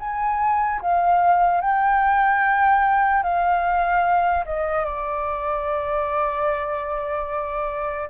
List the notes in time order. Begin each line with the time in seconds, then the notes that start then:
0.00 G#5
0.81 F5
1.61 G5
3.23 F5
4.46 D#5
4.85 D5